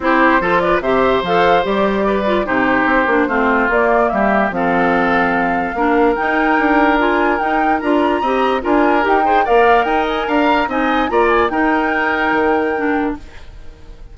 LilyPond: <<
  \new Staff \with { instrumentName = "flute" } { \time 4/4 \tempo 4 = 146 c''4. d''8 e''4 f''4 | d''2 c''2~ | c''4 d''4 e''4 f''4~ | f''2. g''4~ |
g''4 gis''4 g''4 ais''4~ | ais''4 gis''4 g''4 f''4 | g''8 gis''8 ais''4 gis''4 ais''8 gis''8 | g''1 | }
  \new Staff \with { instrumentName = "oboe" } { \time 4/4 g'4 a'8 b'8 c''2~ | c''4 b'4 g'2 | f'2 g'4 a'4~ | a'2 ais'2~ |
ais'1 | dis''4 ais'4. c''8 d''4 | dis''4 f''4 dis''4 d''4 | ais'1 | }
  \new Staff \with { instrumentName = "clarinet" } { \time 4/4 e'4 f'4 g'4 a'4 | g'4. f'8 dis'4. d'8 | c'4 ais2 c'4~ | c'2 d'4 dis'4~ |
dis'4 f'4 dis'4 f'4 | g'4 f'4 g'8 gis'8 ais'4~ | ais'2 dis'4 f'4 | dis'2. d'4 | }
  \new Staff \with { instrumentName = "bassoon" } { \time 4/4 c'4 f4 c4 f4 | g2 c4 c'8 ais8 | a4 ais4 g4 f4~ | f2 ais4 dis'4 |
d'2 dis'4 d'4 | c'4 d'4 dis'4 ais4 | dis'4 d'4 c'4 ais4 | dis'2 dis2 | }
>>